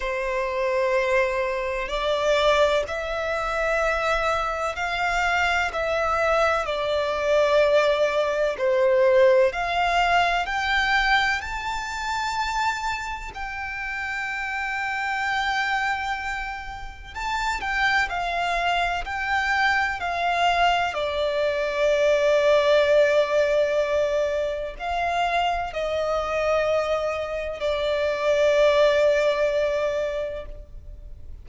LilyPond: \new Staff \with { instrumentName = "violin" } { \time 4/4 \tempo 4 = 63 c''2 d''4 e''4~ | e''4 f''4 e''4 d''4~ | d''4 c''4 f''4 g''4 | a''2 g''2~ |
g''2 a''8 g''8 f''4 | g''4 f''4 d''2~ | d''2 f''4 dis''4~ | dis''4 d''2. | }